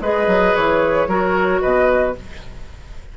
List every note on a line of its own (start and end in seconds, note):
0.00 0.26 G#3
0.00 1.08 G#4
0.00 1.08 B4
0.00 0.55 D#5
0.26 0.53 F#3
0.55 1.07 E3
0.55 1.61 C#5
1.07 1.60 F#3
1.07 2.15 F#4
1.07 1.61 A#4
1.61 2.17 B2
1.61 2.14 B4
1.61 2.15 D#5